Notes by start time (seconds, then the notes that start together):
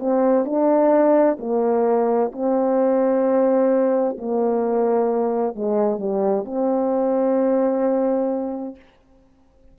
0.00 C4
0.45 D4
1.40 A#3
2.32 C4
4.18 A#3
5.56 G#3
5.99 G3
6.45 C4